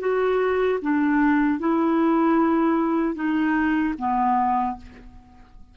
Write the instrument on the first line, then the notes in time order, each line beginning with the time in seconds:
clarinet
0.00 F#4
0.82 D4
1.59 E4
3.15 D#4
3.98 B3